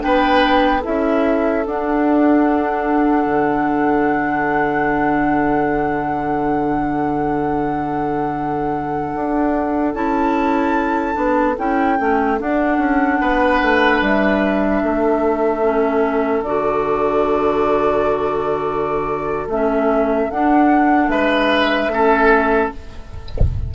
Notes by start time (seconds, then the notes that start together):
0.00 B3 D4 B4 G5
0.80 E4 A4 E5
0.86 C#4
1.66 D4 F#5
3.26 D3
9.15 D4
9.94 C#4 E4 A5
11.14 B3 D4
11.58 C#4 E4 G5
11.99 A3 C#4
12.38 D4 F#5
12.78 C#4
13.21 B3 B4
13.61 A3
14.01 G3 E5
14.83 A3 A4
15.62 C#4
16.42 D3 F#4 D5
19.47 A3 C#4 E5
20.30 D4 F#5
21.07 G#3 B4 E5
21.87 A3 C#4 A4